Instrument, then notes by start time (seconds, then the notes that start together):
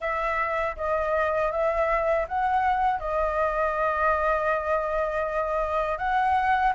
flute
0.00 E5
0.76 D#5
1.51 E5
2.28 F#5
2.99 D#5
5.98 F#5